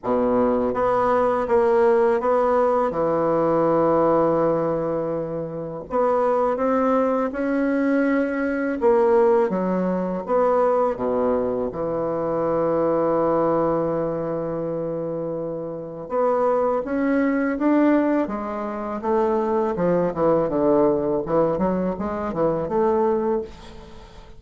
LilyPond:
\new Staff \with { instrumentName = "bassoon" } { \time 4/4 \tempo 4 = 82 b,4 b4 ais4 b4 | e1 | b4 c'4 cis'2 | ais4 fis4 b4 b,4 |
e1~ | e2 b4 cis'4 | d'4 gis4 a4 f8 e8 | d4 e8 fis8 gis8 e8 a4 | }